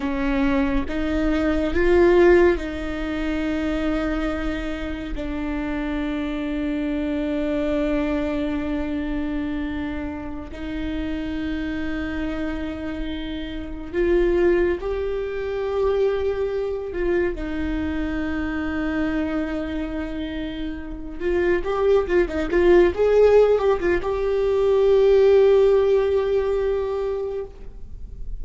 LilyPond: \new Staff \with { instrumentName = "viola" } { \time 4/4 \tempo 4 = 70 cis'4 dis'4 f'4 dis'4~ | dis'2 d'2~ | d'1~ | d'16 dis'2.~ dis'8.~ |
dis'16 f'4 g'2~ g'8 f'16~ | f'16 dis'2.~ dis'8.~ | dis'8. f'8 g'8 f'16 dis'16 f'8 gis'8. g'16 f'16 | g'1 | }